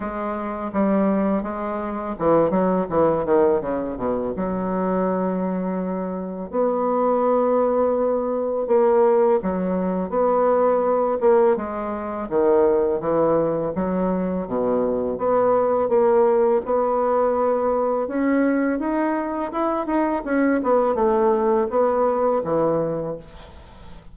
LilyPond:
\new Staff \with { instrumentName = "bassoon" } { \time 4/4 \tempo 4 = 83 gis4 g4 gis4 e8 fis8 | e8 dis8 cis8 b,8 fis2~ | fis4 b2. | ais4 fis4 b4. ais8 |
gis4 dis4 e4 fis4 | b,4 b4 ais4 b4~ | b4 cis'4 dis'4 e'8 dis'8 | cis'8 b8 a4 b4 e4 | }